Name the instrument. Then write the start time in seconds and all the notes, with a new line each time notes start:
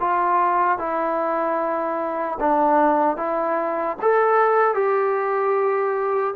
trombone
0.00 F4
0.79 E4
2.40 D4
3.17 E4
4.02 A4
4.75 G4